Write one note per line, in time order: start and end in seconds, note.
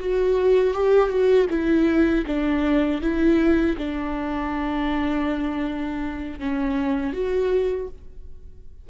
0.00 0.74 F#4
0.74 1.10 G4
1.10 1.47 F#4
1.50 2.25 E4
2.27 3.02 D4
3.02 3.77 E4
3.78 6.40 D4
6.40 7.13 C#4
7.13 7.88 F#4